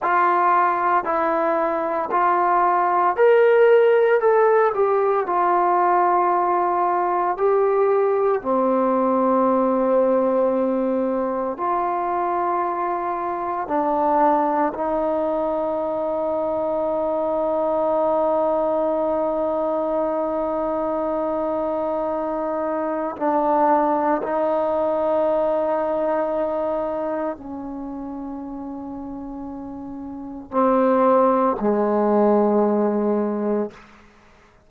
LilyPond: \new Staff \with { instrumentName = "trombone" } { \time 4/4 \tempo 4 = 57 f'4 e'4 f'4 ais'4 | a'8 g'8 f'2 g'4 | c'2. f'4~ | f'4 d'4 dis'2~ |
dis'1~ | dis'2 d'4 dis'4~ | dis'2 cis'2~ | cis'4 c'4 gis2 | }